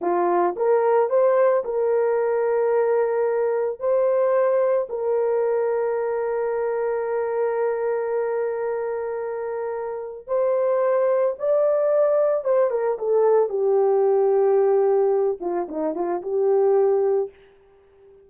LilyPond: \new Staff \with { instrumentName = "horn" } { \time 4/4 \tempo 4 = 111 f'4 ais'4 c''4 ais'4~ | ais'2. c''4~ | c''4 ais'2.~ | ais'1~ |
ais'2. c''4~ | c''4 d''2 c''8 ais'8 | a'4 g'2.~ | g'8 f'8 dis'8 f'8 g'2 | }